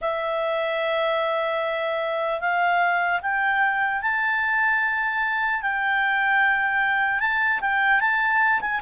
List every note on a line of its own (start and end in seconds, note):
0.01 2.40 E5
2.40 3.20 F5
3.22 4.02 G5
4.02 5.62 A5
5.62 7.20 G5
7.20 7.60 A5
7.60 8.00 G5
8.00 8.60 A5
8.60 8.80 G#5